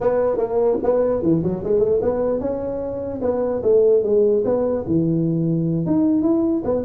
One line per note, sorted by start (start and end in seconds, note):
0.01 0.37 B3
0.37 0.77 A#3
0.83 1.22 B3
1.22 1.42 E3
1.43 1.63 F#3
1.63 1.79 G#3
1.79 1.99 A3
2.01 2.40 B3
2.40 3.20 C#4
3.21 3.61 B3
3.62 4.03 A3
4.03 4.43 G#3
4.44 4.84 B3
4.86 5.85 E3
5.85 6.22 D#4
6.22 6.62 E4
6.64 6.84 B3